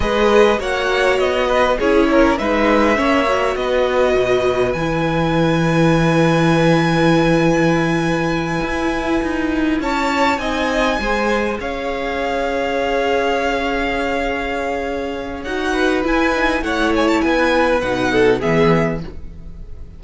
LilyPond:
<<
  \new Staff \with { instrumentName = "violin" } { \time 4/4 \tempo 4 = 101 dis''4 fis''4 dis''4 cis''4 | e''2 dis''2 | gis''1~ | gis''1~ |
gis''8 a''4 gis''2 f''8~ | f''1~ | f''2 fis''4 gis''4 | fis''8 gis''16 a''16 gis''4 fis''4 e''4 | }
  \new Staff \with { instrumentName = "violin" } { \time 4/4 b'4 cis''4. b'8 gis'8 ais'8 | b'4 cis''4 b'2~ | b'1~ | b'1~ |
b'8 cis''4 dis''4 c''4 cis''8~ | cis''1~ | cis''2~ cis''8 b'4. | cis''4 b'4. a'8 gis'4 | }
  \new Staff \with { instrumentName = "viola" } { \time 4/4 gis'4 fis'2 e'4 | dis'4 cis'8 fis'2~ fis'8 | e'1~ | e'1~ |
e'4. dis'4 gis'4.~ | gis'1~ | gis'2 fis'4 e'8 dis'8 | e'2 dis'4 b4 | }
  \new Staff \with { instrumentName = "cello" } { \time 4/4 gis4 ais4 b4 cis'4 | gis4 ais4 b4 b,4 | e1~ | e2~ e8 e'4 dis'8~ |
dis'8 cis'4 c'4 gis4 cis'8~ | cis'1~ | cis'2 dis'4 e'4 | a4 b4 b,4 e4 | }
>>